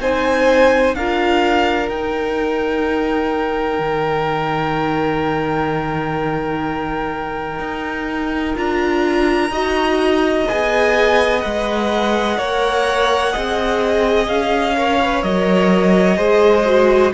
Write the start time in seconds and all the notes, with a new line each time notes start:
0.00 C4 D#4 C5 G#5
0.95 D4 F4 A#4 F5
1.89 D#4 G5
3.79 D#3
7.60 D#4
8.57 D4 F4 A#5
9.50 D#4 F#4 D#5
10.48 B3 G#4 G#5
11.41 G#3 B4 F#5
12.38 A#3 A#4 C#5
13.32 C4 G#4 D#5
14.28 C#4 F5
14.77 A#4 C#5
15.02 B4
15.23 F#3 A#4 D#5
16.16 G#3 G#4 C5
16.66 F#4